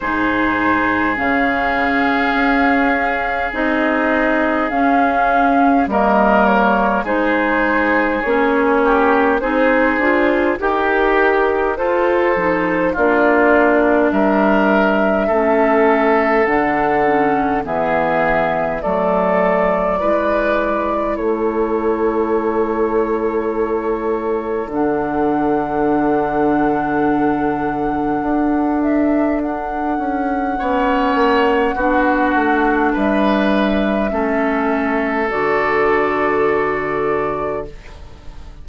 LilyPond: <<
  \new Staff \with { instrumentName = "flute" } { \time 4/4 \tempo 4 = 51 c''4 f''2 dis''4 | f''4 dis''8 cis''8 c''4 cis''4 | c''4 ais'4 c''4 d''4 | e''2 fis''4 e''4 |
d''2 cis''2~ | cis''4 fis''2.~ | fis''8 e''8 fis''2. | e''2 d''2 | }
  \new Staff \with { instrumentName = "oboe" } { \time 4/4 gis'1~ | gis'4 ais'4 gis'4. g'8 | gis'4 g'4 a'4 f'4 | ais'4 a'2 gis'4 |
a'4 b'4 a'2~ | a'1~ | a'2 cis''4 fis'4 | b'4 a'2. | }
  \new Staff \with { instrumentName = "clarinet" } { \time 4/4 dis'4 cis'2 dis'4 | cis'4 ais4 dis'4 cis'4 | dis'8 f'8 g'4 f'8 dis'8 d'4~ | d'4 cis'4 d'8 cis'8 b4 |
a4 e'2.~ | e'4 d'2.~ | d'2 cis'4 d'4~ | d'4 cis'4 fis'2 | }
  \new Staff \with { instrumentName = "bassoon" } { \time 4/4 gis,4 cis4 cis'4 c'4 | cis'4 g4 gis4 ais4 | c'8 d'8 dis'4 f'8 f8 ais4 | g4 a4 d4 e4 |
fis4 gis4 a2~ | a4 d2. | d'4. cis'8 b8 ais8 b8 a8 | g4 a4 d2 | }
>>